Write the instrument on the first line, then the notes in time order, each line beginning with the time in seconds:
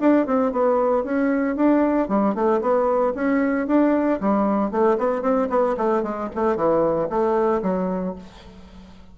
bassoon
0.00 D4
0.26 C4
0.52 B3
1.04 C#4
1.56 D4
2.09 G3
2.35 A3
2.61 B3
3.15 C#4
3.67 D4
4.20 G3
4.71 A3
4.98 B3
5.22 C4
5.50 B3
5.77 A3
6.03 G#3
6.35 A3
6.56 E3
7.10 A3
7.62 F#3